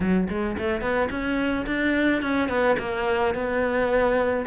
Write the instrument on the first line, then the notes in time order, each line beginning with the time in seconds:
cello
0.00 F#3
0.29 G#3
0.57 A3
0.81 B3
1.10 C#4
1.66 D4
2.22 C#4
2.48 B3
2.79 A#3
3.34 B3